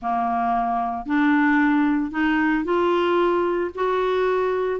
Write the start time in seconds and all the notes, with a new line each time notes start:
0.02 A#3
1.06 D4
2.11 D#4
2.64 F4
3.74 F#4